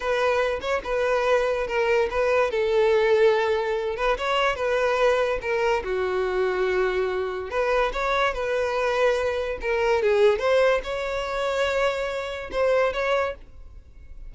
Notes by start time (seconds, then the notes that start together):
0.00 B4
0.60 C#5
0.84 B4
1.67 A#4
2.10 B4
2.50 A4
3.96 B4
4.17 C#5
4.55 B4
5.41 A#4
5.83 F#4
7.50 B4
7.93 C#5
8.33 B4
9.61 A#4
10.02 G#4
10.39 C5
10.83 C#5
12.51 C5
12.93 C#5